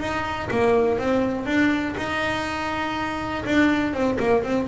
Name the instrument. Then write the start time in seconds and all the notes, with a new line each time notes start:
double bass
0.00 D#4
0.51 A#3
0.99 C4
1.46 D4
1.97 D#4
3.46 D4
3.93 C4
4.20 A#3
4.44 C4